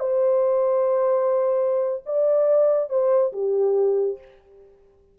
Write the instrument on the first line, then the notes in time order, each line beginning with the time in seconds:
horn
0.00 C5
2.06 D5
2.90 C5
3.33 G4